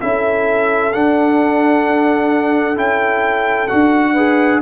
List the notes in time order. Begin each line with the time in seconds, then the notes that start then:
0.00 C#4 E4 A4 E5
0.93 D4 F#5
2.75 C#4 E4 G5
3.67 D4 F#4 F#5
4.13 G#4 B4